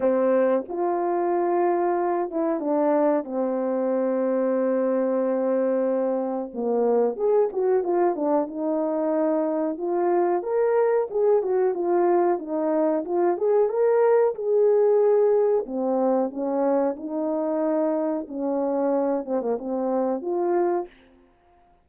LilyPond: \new Staff \with { instrumentName = "horn" } { \time 4/4 \tempo 4 = 92 c'4 f'2~ f'8 e'8 | d'4 c'2.~ | c'2 ais4 gis'8 fis'8 | f'8 d'8 dis'2 f'4 |
ais'4 gis'8 fis'8 f'4 dis'4 | f'8 gis'8 ais'4 gis'2 | c'4 cis'4 dis'2 | cis'4. c'16 ais16 c'4 f'4 | }